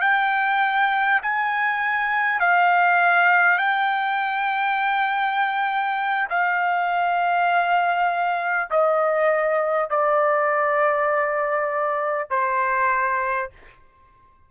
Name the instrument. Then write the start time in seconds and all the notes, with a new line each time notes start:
trumpet
0.00 G5
1.22 G#5
2.40 F5
3.58 G5
6.29 F5
8.70 D#5
9.90 D5
12.29 C5